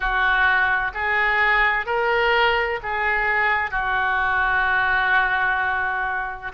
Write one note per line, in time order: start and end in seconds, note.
0.00 0.91 F#4
0.94 1.85 G#4
1.85 2.79 A#4
2.82 3.70 G#4
3.70 6.52 F#4